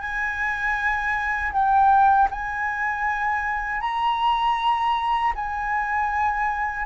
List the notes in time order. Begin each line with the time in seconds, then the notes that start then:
0.00 G#5
1.52 G5
2.31 G#5
3.81 A#5
5.35 G#5